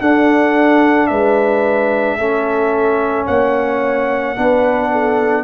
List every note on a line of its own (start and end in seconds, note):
0.00 1.10 D4
0.00 2.19 D4
0.00 1.09 A4
0.00 1.07 F#5
1.07 2.18 G#3
1.07 2.17 B4
1.07 3.25 E5
2.17 3.27 A3
2.17 4.36 C#4
2.17 3.26 A4
3.26 4.37 A#3
3.26 4.35 C#5
3.26 5.44 F#5
4.36 5.44 B3
4.36 5.44 D4
4.36 4.92 B4
4.92 5.44 A4